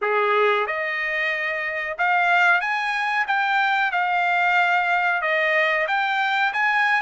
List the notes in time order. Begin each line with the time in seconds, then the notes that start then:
0.01 G#4
0.66 D#5
1.97 F5
2.60 G#5
3.27 G5
3.91 F5
5.21 D#5
5.87 G5
6.53 G#5